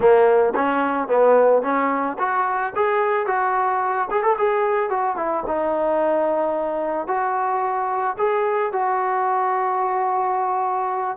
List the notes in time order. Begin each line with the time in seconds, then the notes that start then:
0.00 A#3
0.55 C#4
1.08 B3
1.62 C#4
2.18 F#4
2.75 G#4
3.26 F#4
4.10 G#4
4.22 A4
4.38 G#4
4.89 F#4
5.16 E4
5.46 D#4
7.07 F#4
8.18 G#4
8.72 F#4